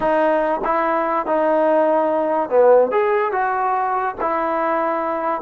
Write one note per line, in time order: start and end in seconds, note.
0.00 0.60 D#4
0.64 1.26 E4
1.26 2.49 D#4
2.49 2.91 B3
2.91 3.31 G#4
3.31 4.15 F#4
4.21 5.41 E4